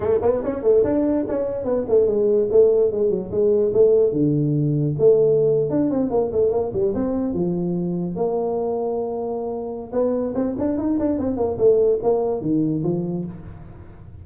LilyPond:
\new Staff \with { instrumentName = "tuba" } { \time 4/4 \tempo 4 = 145 a8 b8 cis'8 a8 d'4 cis'4 | b8 a8 gis4 a4 gis8 fis8 | gis4 a4 d2 | a4.~ a16 d'8 c'8 ais8 a8 ais16~ |
ais16 g8 c'4 f2 ais16~ | ais1 | b4 c'8 d'8 dis'8 d'8 c'8 ais8 | a4 ais4 dis4 f4 | }